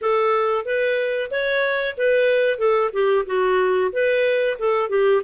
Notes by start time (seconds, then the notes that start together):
0.01 A4
0.65 B4
1.30 C#5
1.97 B4
2.58 A4
2.92 G4
3.25 F#4
3.92 B4
4.58 A4
4.89 G4